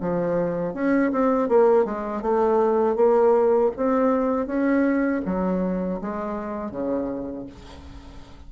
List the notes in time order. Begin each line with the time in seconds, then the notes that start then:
0.00 F3
0.74 C#4
1.12 C4
1.49 A#3
1.85 G#3
2.22 A3
2.96 A#3
3.76 C4
4.47 C#4
5.25 F#3
6.01 G#3
6.71 C#3